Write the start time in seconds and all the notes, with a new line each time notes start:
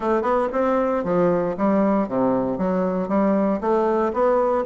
0.00 A3
0.22 B3
0.52 C4
1.04 F3
1.57 G3
2.08 C3
2.58 F#3
3.08 G3
3.60 A3
4.13 B3